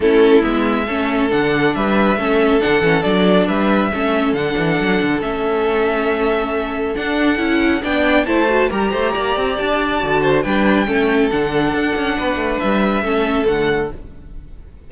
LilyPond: <<
  \new Staff \with { instrumentName = "violin" } { \time 4/4 \tempo 4 = 138 a'4 e''2 fis''4 | e''2 fis''4 d''4 | e''2 fis''2 | e''1 |
fis''2 g''4 a''4 | ais''2 a''2 | g''2 fis''2~ | fis''4 e''2 fis''4 | }
  \new Staff \with { instrumentName = "violin" } { \time 4/4 e'2 a'2 | b'4 a'2. | b'4 a'2.~ | a'1~ |
a'2 d''4 c''4 | ais'8 c''8 d''2~ d''8 c''8 | b'4 a'2. | b'2 a'2 | }
  \new Staff \with { instrumentName = "viola" } { \time 4/4 cis'4 b4 cis'4 d'4~ | d'4 cis'4 d'8 cis'8 d'4~ | d'4 cis'4 d'2 | cis'1 |
d'4 e'4 d'4 e'8 fis'8 | g'2. fis'4 | d'4 cis'4 d'2~ | d'2 cis'4 a4 | }
  \new Staff \with { instrumentName = "cello" } { \time 4/4 a4 gis4 a4 d4 | g4 a4 d8 e8 fis4 | g4 a4 d8 e8 fis8 d8 | a1 |
d'4 cis'4 b4 a4 | g8 a8 ais8 c'8 d'4 d4 | g4 a4 d4 d'8 cis'8 | b8 a8 g4 a4 d4 | }
>>